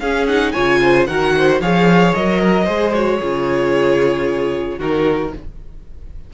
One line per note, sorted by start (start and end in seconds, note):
0.00 0.53 C#4
0.00 0.29 C#4
0.00 0.53 G#4
0.00 0.27 F5
0.27 0.55 D#4
0.27 0.52 F#5
0.52 1.08 C#3
0.52 1.08 F4
0.52 0.80 C#5
0.52 1.05 G#5
0.82 1.09 C5
1.07 1.61 D#3
1.07 1.62 F#4
1.07 1.35 A#4
1.07 1.60 F#5
1.37 1.62 C5
1.61 2.14 F3
1.61 2.15 G#4
1.61 2.41 C#5
1.61 2.15 F5
2.15 2.68 F#3
2.15 2.67 A#4
2.15 2.93 D#5
2.42 2.64 A#4
2.64 3.21 G#3
2.64 2.94 G#4
2.64 3.18 C5
2.93 3.21 F#4
2.93 4.79 C#5
3.20 4.80 C#3
3.20 4.81 F4
3.20 4.78 G#4
4.78 5.33 D#3
4.78 5.34 D#4
4.78 5.31 F#4
4.78 5.34 A#4